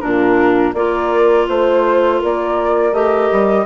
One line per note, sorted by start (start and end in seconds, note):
0.00 0.73 A#2
0.00 0.74 D4
0.00 0.75 F4
0.00 0.73 A#4
0.73 1.46 A#3
0.73 2.93 F4
0.73 1.48 A#4
0.73 1.46 D5
1.48 2.21 A3
1.48 2.21 C5
1.48 2.19 C5
2.19 2.92 A#3
2.19 3.65 A#4
2.19 2.93 D5
2.92 3.29 A3
2.92 3.66 G4
2.92 3.66 D#5
3.32 3.66 G3